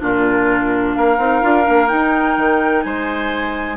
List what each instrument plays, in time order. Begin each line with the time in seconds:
0.00 bassoon A#2, clarinet D4, oboe F4, flute A#4
0.94 bassoon A#3, oboe A#4, flute F5
1.18 bassoon C4, clarinet D#4
1.42 bassoon D4, clarinet F4
1.63 bassoon A#3, clarinet D4
1.87 clarinet D#4, bassoon D#4, flute G5
2.37 bassoon D#3
2.82 bassoon G#3, oboe C5, flute G#5